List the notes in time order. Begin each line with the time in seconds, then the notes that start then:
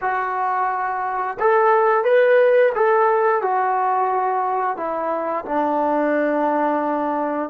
0.01 F#4
1.39 A4
2.04 B4
2.74 A4
3.42 F#4
4.76 E4
5.45 D4